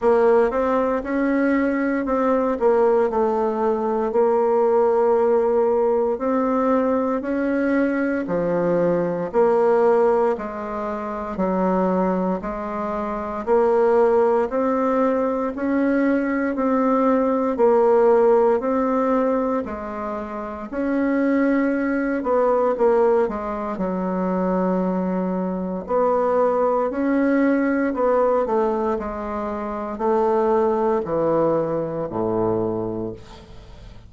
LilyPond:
\new Staff \with { instrumentName = "bassoon" } { \time 4/4 \tempo 4 = 58 ais8 c'8 cis'4 c'8 ais8 a4 | ais2 c'4 cis'4 | f4 ais4 gis4 fis4 | gis4 ais4 c'4 cis'4 |
c'4 ais4 c'4 gis4 | cis'4. b8 ais8 gis8 fis4~ | fis4 b4 cis'4 b8 a8 | gis4 a4 e4 a,4 | }